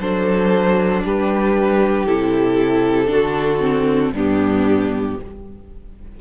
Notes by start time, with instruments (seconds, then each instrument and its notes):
0.00 cello F#3, viola D4, violin A4 C5
1.04 cello G3, violin G4 B4
2.06 cello C3, viola E4, violin A4
3.07 cello D3, viola D4, violin F#4
3.61 viola C4
4.12 cello G2, viola B3, violin D4 G4